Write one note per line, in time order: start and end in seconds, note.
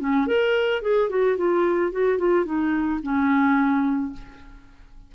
0.00 0.27 C#4
0.27 0.82 A#4
0.82 1.10 G#4
1.10 1.38 F#4
1.38 1.92 F4
1.92 2.19 F#4
2.19 2.46 F4
2.46 3.01 D#4
3.03 4.13 C#4